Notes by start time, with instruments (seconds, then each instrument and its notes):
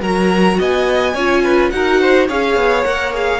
0.00 cello F#3, viola F#4, violin A#4 A#5
0.58 cello B3, violin D#5 G#5
1.14 cello C#4, viola F4, violin C#5
1.43 violin B4
1.70 cello D#4, viola F#4, violin A#4 F#5
2.01 violin C5
2.28 cello C#4, viola G#4, violin C#5 F5
2.56 cello B3
2.83 cello A#3, viola A#4, violin F#5
3.12 viola G#4, violin F5